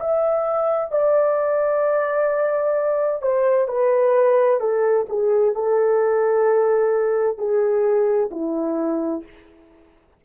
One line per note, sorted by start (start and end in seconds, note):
0.00 0.91 E5
0.91 3.22 D5
3.22 3.68 C5
3.68 4.60 B4
4.60 5.06 A4
5.09 5.55 G#4
5.55 7.38 A4
7.38 8.30 G#4
8.31 9.23 E4